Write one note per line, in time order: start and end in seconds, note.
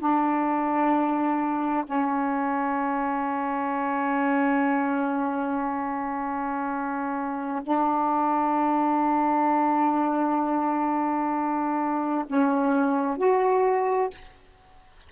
0.00 1.85 D4
1.86 7.63 C#4
7.64 12.26 D4
12.27 13.18 C#4
13.18 14.10 F#4